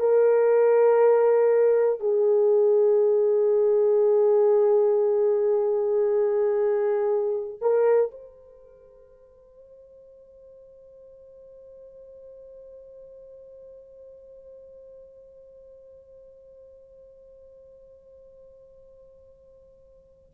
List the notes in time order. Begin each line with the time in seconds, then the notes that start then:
0.00 A#4
2.01 G#4
7.61 A#4
8.12 C5